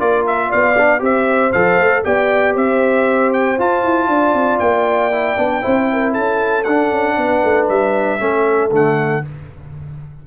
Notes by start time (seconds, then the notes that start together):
0.00 A#3 F4 A#4 D5
0.27 E5
0.49 B3 D5 F5
0.78 D4
0.99 C4 G4 C5 E5
1.53 F3 A4 F5
1.78 A3
2.05 B3 G4 D5 G5
2.55 C4 C5 E5
3.34 G5
3.59 F4 A5
3.84 E4
4.08 D4 D5
4.34 C4
4.60 A#3 G5
5.12 E4
5.37 B3 D4
5.62 C4 E4 C5
5.93 A#4
6.13 C#4 A4 A5
6.64 D4 F#5
6.92 C#4
7.17 B3 B4
7.44 A3
7.69 G3 E5
8.20 A3 C#4 A4
8.72 D3 A3 F#5